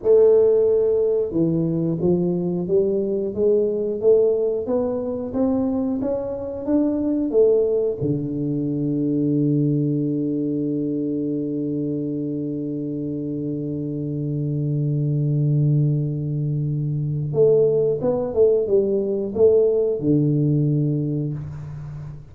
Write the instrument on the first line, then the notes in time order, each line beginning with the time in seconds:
tuba
0.02 A3
1.31 E3
2.00 F3
2.67 G3
3.34 G#3
4.01 A3
4.66 B3
5.33 C4
6.01 C#4
6.65 D4
7.31 A3
8.01 D3
17.33 A3
18.01 B3
18.33 A3
18.67 G3
19.34 A3
20.00 D3